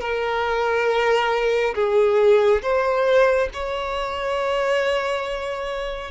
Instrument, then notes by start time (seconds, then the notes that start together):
violin
0.00 A#4
1.75 G#4
2.62 C5
3.53 C#5